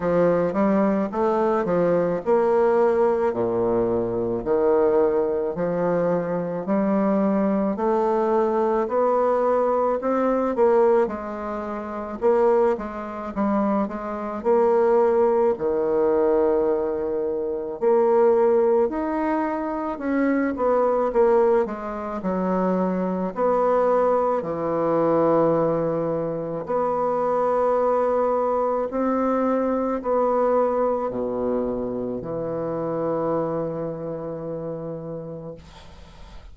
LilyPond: \new Staff \with { instrumentName = "bassoon" } { \time 4/4 \tempo 4 = 54 f8 g8 a8 f8 ais4 ais,4 | dis4 f4 g4 a4 | b4 c'8 ais8 gis4 ais8 gis8 | g8 gis8 ais4 dis2 |
ais4 dis'4 cis'8 b8 ais8 gis8 | fis4 b4 e2 | b2 c'4 b4 | b,4 e2. | }